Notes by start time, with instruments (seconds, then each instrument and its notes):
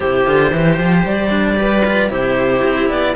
0.00 cello C3 E4, viola G4, clarinet C5
0.25 cello D3 F4
0.51 cello E3 G4, viola C5
0.77 cello F3
1.05 cello G3, clarinet D5
1.30 cello D4
1.56 cello G4, viola B4
1.85 cello F4
2.09 cello C3 E4, viola G4, clarinet C5
2.63 cello C4
2.89 cello B3, clarinet D5